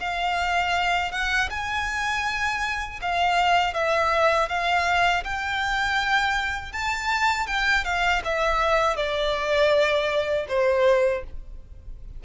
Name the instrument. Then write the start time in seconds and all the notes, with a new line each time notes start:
violin
0.00 F5
1.11 F#5
1.50 G#5
3.01 F5
3.74 E5
4.49 F5
5.24 G5
6.72 A5
7.47 G5
7.84 F5
8.24 E5
8.96 D5
10.48 C5